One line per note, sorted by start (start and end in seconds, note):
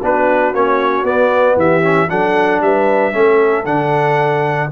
0.00 0.53 B3
0.00 0.54 D4
0.00 1.57 F#4
0.00 0.54 B4
0.53 1.03 A#3
0.53 1.05 C#4
0.53 1.05 C#5
1.03 1.55 B3
1.03 1.82 B3
1.03 1.57 D5
1.56 2.08 E3
1.56 2.09 G4
1.56 2.09 E5
1.82 2.08 C#4
2.09 2.60 F#3
2.09 3.12 D4
2.09 2.62 A4
2.09 2.62 F#5
2.60 3.12 G3
2.60 3.12 B4
2.60 3.65 E5
3.12 3.65 A3
3.12 3.64 C#4
3.12 4.69 A4
3.65 4.69 D3
3.65 4.70 D4
3.65 4.70 F#5